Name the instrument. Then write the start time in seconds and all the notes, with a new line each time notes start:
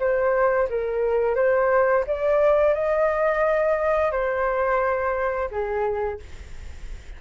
flute
0.00 C5
0.70 A#4
1.36 C5
2.07 D5
2.74 D#5
4.12 C5
5.51 G#4